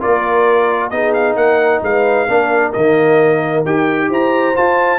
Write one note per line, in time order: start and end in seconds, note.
0.00 0.92 A#3
0.00 0.91 F4
0.00 0.92 A#4
0.00 0.90 D5
0.90 1.35 B3
0.90 2.28 D#4
0.90 1.36 G#4
0.90 1.12 D#5
1.13 1.36 F5
1.35 1.81 A#3
1.35 1.82 A#4
1.35 1.81 F#5
1.82 2.27 G#3
1.82 2.29 B4
1.82 2.72 F5
2.28 2.74 A#3
2.28 2.73 D4
2.28 4.09 A#4
2.72 3.65 D#3
2.72 3.65 A#3
2.72 3.63 D#5
3.65 4.10 D#4
3.65 4.54 G4
3.65 4.11 G5
4.09 4.55 E4
4.09 4.98 C5
4.09 4.56 A#5
4.54 4.98 F4
4.54 4.98 A5